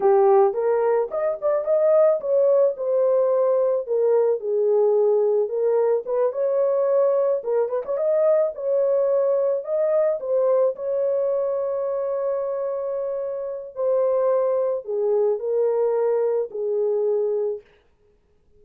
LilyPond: \new Staff \with { instrumentName = "horn" } { \time 4/4 \tempo 4 = 109 g'4 ais'4 dis''8 d''8 dis''4 | cis''4 c''2 ais'4 | gis'2 ais'4 b'8 cis''8~ | cis''4. ais'8 b'16 cis''16 dis''4 cis''8~ |
cis''4. dis''4 c''4 cis''8~ | cis''1~ | cis''4 c''2 gis'4 | ais'2 gis'2 | }